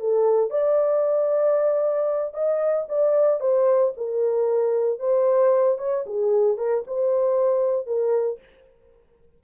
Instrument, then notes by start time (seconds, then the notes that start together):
horn
0.00 A4
0.50 D5
2.34 D#5
2.89 D5
3.40 C5
3.97 A#4
5.00 C5
5.78 C#5
6.06 G#4
6.57 A#4
6.87 C5
7.87 A#4